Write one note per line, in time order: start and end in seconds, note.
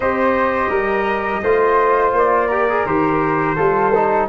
0.00 0.68 C4
0.00 1.43 G4
0.00 0.69 C5
0.00 2.13 D#5
0.68 1.40 G3
0.68 1.40 A#4
1.42 2.12 A3
1.42 2.50 F4
1.42 2.47 C5
2.12 2.84 A#3
2.12 2.86 D5
2.47 2.68 G4
2.47 3.54 A#4
2.69 2.86 G#4
2.85 3.57 D#3
2.85 3.56 G4
2.85 4.28 C5
3.55 4.28 G3
3.55 3.92 F4
3.55 4.26 A4
3.94 4.28 D#4